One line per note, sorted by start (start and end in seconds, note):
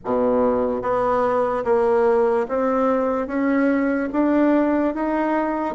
0.04 0.81 B2
0.81 1.64 B3
1.64 2.46 A#3
2.48 3.27 C4
3.27 4.09 C#4
4.12 4.94 D4
4.94 5.75 D#4